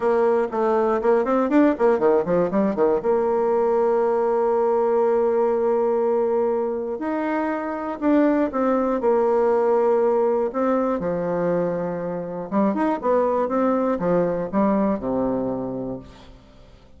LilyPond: \new Staff \with { instrumentName = "bassoon" } { \time 4/4 \tempo 4 = 120 ais4 a4 ais8 c'8 d'8 ais8 | dis8 f8 g8 dis8 ais2~ | ais1~ | ais2 dis'2 |
d'4 c'4 ais2~ | ais4 c'4 f2~ | f4 g8 dis'8 b4 c'4 | f4 g4 c2 | }